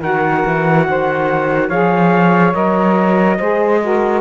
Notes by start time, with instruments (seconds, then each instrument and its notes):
0.00 cello D#3, saxophone F#4 A#4, trumpet F#5
0.45 cello E3
0.87 cello D#3, saxophone C5
1.67 cello F3, saxophone G#4 C#5, trumpet F5
2.53 cello F#3, saxophone A#4, trumpet D#5
3.38 cello G#3, saxophone G#4 C5
3.82 saxophone F#4 A#4